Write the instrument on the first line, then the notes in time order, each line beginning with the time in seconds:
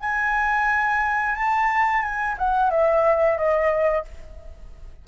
flute
0.00 G#5
1.35 A5
2.02 G#5
2.38 F#5
2.70 E5
3.37 D#5